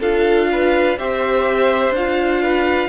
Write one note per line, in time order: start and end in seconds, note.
0.00 0.98 D4
0.00 0.98 F4
0.00 0.48 A4
0.00 0.98 F5
0.52 0.99 B4
0.98 1.90 C4
0.98 1.95 G4
0.98 2.43 C5
0.98 1.95 E5
1.90 2.87 D4
1.90 2.89 F4
1.90 2.89 F5
2.43 2.89 B4